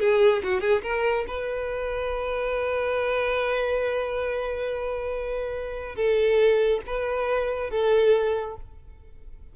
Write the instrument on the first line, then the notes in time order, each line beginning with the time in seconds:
violin
0.00 G#4
0.44 F#4
0.61 G#4
0.83 A#4
1.28 B4
5.96 A4
6.87 B4
7.70 A4